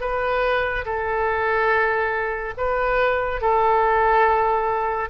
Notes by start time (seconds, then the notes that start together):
0.00 B4
0.85 A4
2.57 B4
3.41 A4